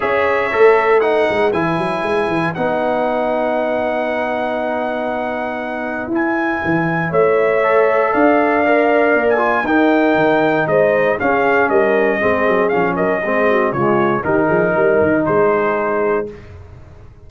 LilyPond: <<
  \new Staff \with { instrumentName = "trumpet" } { \time 4/4 \tempo 4 = 118 e''2 fis''4 gis''4~ | gis''4 fis''2.~ | fis''1 | gis''2 e''2 |
f''2~ f''16 gis''8. g''4~ | g''4 dis''4 f''4 dis''4~ | dis''4 f''8 dis''4. cis''4 | ais'2 c''2 | }
  \new Staff \with { instrumentName = "horn" } { \time 4/4 cis''2 b'2~ | b'1~ | b'1~ | b'2 cis''2 |
d''2. ais'4~ | ais'4 c''4 gis'4 ais'4 | gis'4. ais'8 gis'8 fis'8 f'4 | g'8 gis'8 ais'4 gis'2 | }
  \new Staff \with { instrumentName = "trombone" } { \time 4/4 gis'4 a'4 dis'4 e'4~ | e'4 dis'2.~ | dis'1 | e'2. a'4~ |
a'4 ais'4. f'8 dis'4~ | dis'2 cis'2 | c'4 cis'4 c'4 gis4 | dis'1 | }
  \new Staff \with { instrumentName = "tuba" } { \time 4/4 cis'4 a4. gis8 e8 fis8 | gis8 e8 b2.~ | b1 | e'4 e4 a2 |
d'2 ais4 dis'4 | dis4 gis4 cis'4 g4 | gis8 fis8 f8 fis8 gis4 cis4 | dis8 f8 g8 dis8 gis2 | }
>>